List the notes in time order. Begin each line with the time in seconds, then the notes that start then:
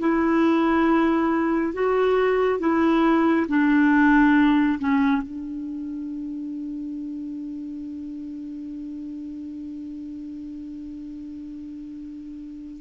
0.00 E4
1.74 F#4
2.60 E4
3.49 D4
4.79 C#4
5.23 D4